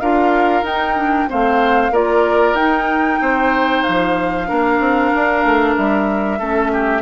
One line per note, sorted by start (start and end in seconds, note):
0.00 0.62 D4
0.00 0.64 F4
0.00 1.29 A#4
0.00 0.64 F5
0.62 1.26 D#4
0.62 0.96 D#4
0.62 1.29 G5
0.96 1.28 D4
1.28 1.90 A3
1.28 1.92 C4
1.28 1.91 C5
1.28 1.94 F5
1.90 2.54 A#3
1.90 2.56 F4
1.90 3.19 A#4
1.90 2.55 D5
2.54 3.17 D#4
2.54 4.46 D#4
2.54 3.83 G5
3.20 3.84 C4
3.20 4.48 C5
3.83 4.50 F3
3.83 5.74 F5
4.46 4.79 A#3
4.46 6.37 D4
4.46 6.39 A#4
4.79 5.11 C4
5.14 5.44 D4
5.44 5.76 A3
5.76 6.39 G3
5.76 7.02 E5
6.39 7.02 A3
6.39 7.02 C#4
6.39 6.70 A4
6.72 7.02 G4